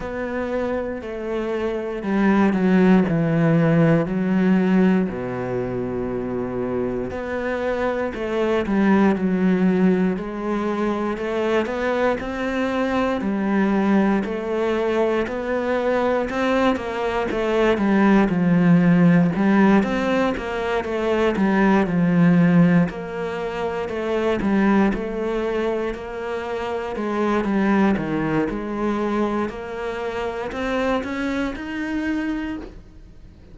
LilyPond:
\new Staff \with { instrumentName = "cello" } { \time 4/4 \tempo 4 = 59 b4 a4 g8 fis8 e4 | fis4 b,2 b4 | a8 g8 fis4 gis4 a8 b8 | c'4 g4 a4 b4 |
c'8 ais8 a8 g8 f4 g8 c'8 | ais8 a8 g8 f4 ais4 a8 | g8 a4 ais4 gis8 g8 dis8 | gis4 ais4 c'8 cis'8 dis'4 | }